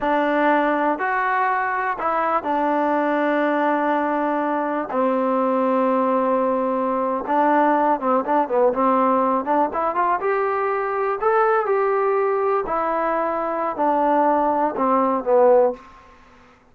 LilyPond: \new Staff \with { instrumentName = "trombone" } { \time 4/4 \tempo 4 = 122 d'2 fis'2 | e'4 d'2.~ | d'2 c'2~ | c'2~ c'8. d'4~ d'16~ |
d'16 c'8 d'8 b8 c'4. d'8 e'16~ | e'16 f'8 g'2 a'4 g'16~ | g'4.~ g'16 e'2~ e'16 | d'2 c'4 b4 | }